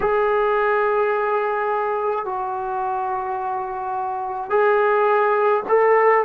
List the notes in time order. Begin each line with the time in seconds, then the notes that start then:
0.00 G#4
2.25 F#4
4.50 G#4
5.68 A4